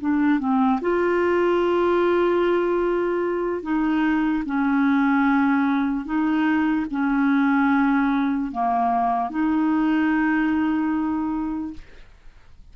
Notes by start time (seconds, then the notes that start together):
0.00 D4
0.39 C4
0.81 F4
3.62 D#4
4.45 C#4
6.05 D#4
6.90 C#4
8.51 A#3
9.29 D#4